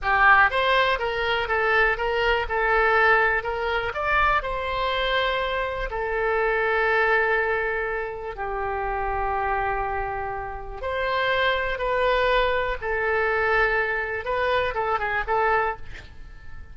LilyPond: \new Staff \with { instrumentName = "oboe" } { \time 4/4 \tempo 4 = 122 g'4 c''4 ais'4 a'4 | ais'4 a'2 ais'4 | d''4 c''2. | a'1~ |
a'4 g'2.~ | g'2 c''2 | b'2 a'2~ | a'4 b'4 a'8 gis'8 a'4 | }